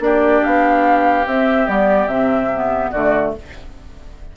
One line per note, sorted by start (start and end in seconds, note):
0.00 0.41 A#3
0.00 1.25 D4
0.00 2.91 G4
0.00 0.44 D5
0.44 1.27 B3
0.44 1.27 F5
1.27 1.68 C4
1.27 1.68 E5
1.68 2.07 G3
1.68 2.09 B3
1.68 2.08 D5
2.07 2.90 C3
2.07 2.51 C4
2.07 2.91 E5
2.56 2.96 B3
2.91 3.35 D3
2.91 3.37 A3
2.91 3.33 F#4
2.91 3.32 D5